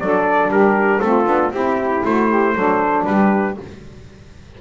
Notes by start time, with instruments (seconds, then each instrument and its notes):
0.00 double bass F#3, saxophone D4 A4, trumpet D5
0.48 double bass G3, saxophone G4, trumpet A#4
1.01 double bass A3, saxophone C4 F4, trumpet A4
1.26 double bass B3, saxophone D4
1.52 double bass C4, saxophone E4, trumpet G4
2.05 double bass A3, saxophone F#4, trumpet C5
2.28 saxophone G4
2.55 double bass F#3, saxophone D4 A4
3.05 double bass G3, saxophone G4, trumpet B4